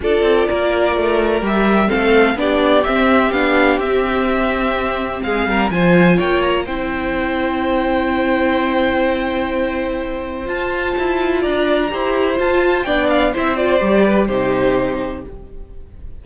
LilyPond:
<<
  \new Staff \with { instrumentName = "violin" } { \time 4/4 \tempo 4 = 126 d''2. e''4 | f''4 d''4 e''4 f''4 | e''2. f''4 | gis''4 g''8 ais''8 g''2~ |
g''1~ | g''2 a''2 | ais''2 a''4 g''8 f''8 | e''8 d''4. c''2 | }
  \new Staff \with { instrumentName = "violin" } { \time 4/4 a'4 ais'2. | a'4 g'2.~ | g'2. gis'8 ais'8 | c''4 cis''4 c''2~ |
c''1~ | c''1 | d''4 c''2 d''4 | c''4. b'8 g'2 | }
  \new Staff \with { instrumentName = "viola" } { \time 4/4 f'2. g'4 | c'4 d'4 c'4 d'4 | c'1 | f'2 e'2~ |
e'1~ | e'2 f'2~ | f'4 g'4 f'4 d'4 | e'8 f'8 g'4 dis'2 | }
  \new Staff \with { instrumentName = "cello" } { \time 4/4 d'8 c'8 ais4 a4 g4 | a4 b4 c'4 b4 | c'2. gis8 g8 | f4 ais4 c'2~ |
c'1~ | c'2 f'4 e'4 | d'4 e'4 f'4 b4 | c'4 g4 c2 | }
>>